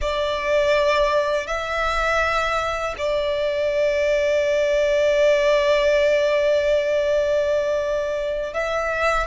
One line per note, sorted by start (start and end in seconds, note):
0.01 1.46 D5
1.46 2.95 E5
2.98 8.53 D5
8.54 9.26 E5